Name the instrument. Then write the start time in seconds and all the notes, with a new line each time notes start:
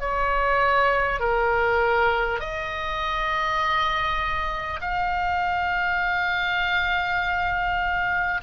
oboe
0.00 C#5
1.20 A#4
2.40 D#5
4.81 F5